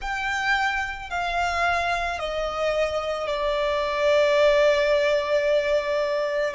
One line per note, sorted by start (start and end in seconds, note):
0.01 1.10 G5
1.10 2.19 F5
2.19 3.27 D#5
3.27 6.54 D5